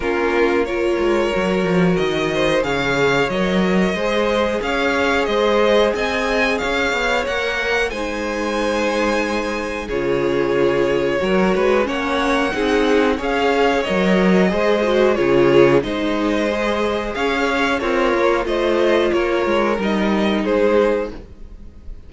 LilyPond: <<
  \new Staff \with { instrumentName = "violin" } { \time 4/4 \tempo 4 = 91 ais'4 cis''2 dis''4 | f''4 dis''2 f''4 | dis''4 gis''4 f''4 fis''4 | gis''2. cis''4~ |
cis''2 fis''2 | f''4 dis''2 cis''4 | dis''2 f''4 cis''4 | dis''4 cis''4 dis''4 c''4 | }
  \new Staff \with { instrumentName = "violin" } { \time 4/4 f'4 ais'2~ ais'8 c''8 | cis''2 c''4 cis''4 | c''4 dis''4 cis''2 | c''2. gis'4~ |
gis'4 ais'8 b'8 cis''4 gis'4 | cis''2 c''4 gis'4 | c''2 cis''4 f'4 | c''4 ais'2 gis'4 | }
  \new Staff \with { instrumentName = "viola" } { \time 4/4 cis'4 f'4 fis'2 | gis'4 ais'4 gis'2~ | gis'2. ais'4 | dis'2. f'4~ |
f'4 fis'4 cis'4 dis'4 | gis'4 ais'4 gis'8 fis'8 f'4 | dis'4 gis'2 ais'4 | f'2 dis'2 | }
  \new Staff \with { instrumentName = "cello" } { \time 4/4 ais4. gis8 fis8 f8 dis4 | cis4 fis4 gis4 cis'4 | gis4 c'4 cis'8 b8 ais4 | gis2. cis4~ |
cis4 fis8 gis8 ais4 c'4 | cis'4 fis4 gis4 cis4 | gis2 cis'4 c'8 ais8 | a4 ais8 gis8 g4 gis4 | }
>>